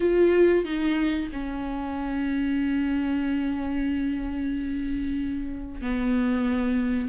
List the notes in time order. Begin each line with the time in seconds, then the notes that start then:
0.00 F4
0.65 D#4
1.32 C#4
5.81 B3